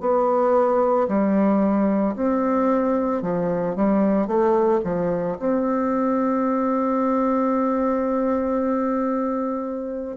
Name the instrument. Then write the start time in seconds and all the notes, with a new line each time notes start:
bassoon
0.00 B3
1.08 G3
2.15 C4
3.22 F3
3.75 G3
4.27 A3
4.84 F3
5.39 C4